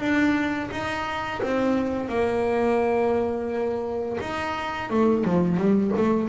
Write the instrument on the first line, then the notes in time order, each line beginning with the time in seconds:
double bass
0.00 D4
0.72 D#4
1.42 C4
2.09 A#3
4.21 D#4
4.90 A3
5.25 F3
5.58 G3
5.97 A3